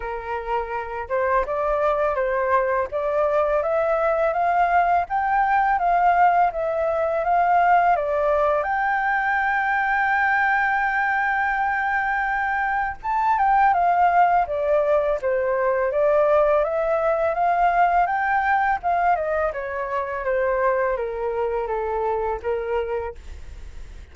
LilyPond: \new Staff \with { instrumentName = "flute" } { \time 4/4 \tempo 4 = 83 ais'4. c''8 d''4 c''4 | d''4 e''4 f''4 g''4 | f''4 e''4 f''4 d''4 | g''1~ |
g''2 a''8 g''8 f''4 | d''4 c''4 d''4 e''4 | f''4 g''4 f''8 dis''8 cis''4 | c''4 ais'4 a'4 ais'4 | }